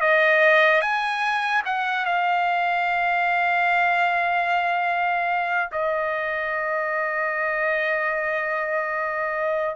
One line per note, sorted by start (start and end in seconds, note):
0.00 0.81 D#5
0.81 1.62 G#5
1.65 2.05 F#5
2.05 5.70 F5
5.71 9.75 D#5